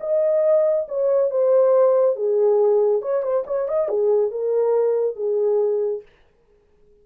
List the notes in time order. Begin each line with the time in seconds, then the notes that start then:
0.00 D#5
0.88 C#5
1.30 C5
2.16 G#4
3.01 C#5
3.22 C5
3.46 C#5
3.68 D#5
3.88 G#4
4.31 A#4
5.16 G#4